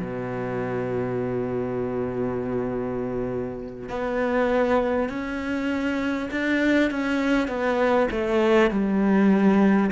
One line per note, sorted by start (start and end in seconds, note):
0.00 3.89 B2
3.89 5.09 B3
5.09 6.29 C#4
6.31 6.91 D4
6.91 7.48 C#4
7.48 8.08 B3
8.11 8.71 A3
8.71 9.91 G3